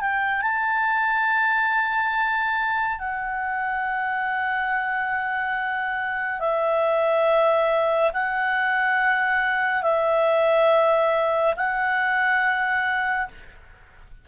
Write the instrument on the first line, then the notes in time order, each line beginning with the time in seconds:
clarinet
0.00 G5
0.41 A5
2.98 F#5
6.39 E5
8.13 F#5
9.82 E5
11.56 F#5